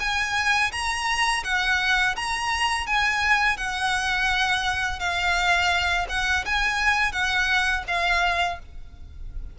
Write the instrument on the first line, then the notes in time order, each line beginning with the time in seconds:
violin
0.00 G#5
0.72 A#5
1.44 F#5
2.16 A#5
2.86 G#5
3.57 F#5
5.00 F5
6.09 F#5
6.45 G#5
7.12 F#5
7.87 F5